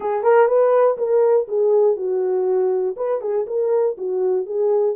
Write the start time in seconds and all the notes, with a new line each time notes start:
0.00 G#4
0.23 A#4
0.47 B4
0.97 A#4
1.48 G#4
1.96 F#4
2.96 B4
3.21 G#4
3.46 A#4
3.97 F#4
4.46 G#4